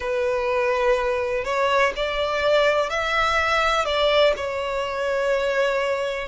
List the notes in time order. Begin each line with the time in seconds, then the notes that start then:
0.00 B4
1.44 C#5
1.96 D5
2.89 E5
3.85 D5
4.36 C#5